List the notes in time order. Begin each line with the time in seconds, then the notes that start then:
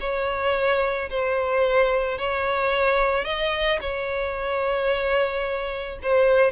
0.00 C#5
1.10 C5
2.18 C#5
3.24 D#5
3.81 C#5
6.02 C5